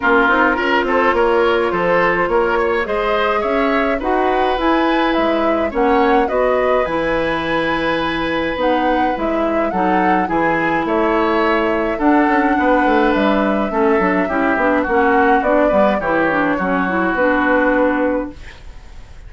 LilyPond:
<<
  \new Staff \with { instrumentName = "flute" } { \time 4/4 \tempo 4 = 105 ais'4. c''8 cis''4 c''4 | cis''4 dis''4 e''4 fis''4 | gis''4 e''4 fis''4 dis''4 | gis''2. fis''4 |
e''4 fis''4 gis''4 e''4~ | e''4 fis''2 e''4~ | e''2 fis''4 d''4 | cis''2 b'2 | }
  \new Staff \with { instrumentName = "oboe" } { \time 4/4 f'4 ais'8 a'8 ais'4 a'4 | ais'8 cis''8 c''4 cis''4 b'4~ | b'2 cis''4 b'4~ | b'1~ |
b'4 a'4 gis'4 cis''4~ | cis''4 a'4 b'2 | a'4 g'4 fis'4. b'8 | g'4 fis'2. | }
  \new Staff \with { instrumentName = "clarinet" } { \time 4/4 cis'8 dis'8 f'2.~ | f'4 gis'2 fis'4 | e'2 cis'4 fis'4 | e'2. dis'4 |
e'4 dis'4 e'2~ | e'4 d'2. | cis'8 d'8 e'8 d'8 cis'4 d'8 b8 | e'8 d'8 cis'8 e'8 d'2 | }
  \new Staff \with { instrumentName = "bassoon" } { \time 4/4 ais8 c'8 cis'8 c'8 ais4 f4 | ais4 gis4 cis'4 dis'4 | e'4 gis4 ais4 b4 | e2. b4 |
gis4 fis4 e4 a4~ | a4 d'8 cis'8 b8 a8 g4 | a8 fis8 cis'8 b8 ais4 b8 g8 | e4 fis4 b2 | }
>>